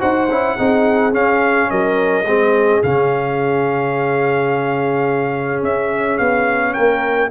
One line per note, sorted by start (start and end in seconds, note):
0.00 0.30 D#4
0.00 0.28 F#4
0.00 0.56 C5
0.00 1.14 F#5
0.30 0.58 C#4
0.30 0.59 E4
0.57 1.15 C4
0.57 1.13 D#4
0.57 1.69 G#4
1.13 2.25 C#4
1.13 1.71 C#4
1.13 1.71 F5
1.71 2.26 F#3
1.71 2.27 A#4
1.71 2.83 D#5
2.26 2.82 G#3
2.26 2.84 C4
2.26 6.74 G#4
2.84 5.63 C#3
2.84 7.31 C#4
2.84 5.64 F5
5.63 6.19 C#4
5.63 6.18 E5
6.18 6.76 B3
6.18 6.74 F5
6.74 7.31 A#3
6.74 7.30 A#4
6.74 7.30 G5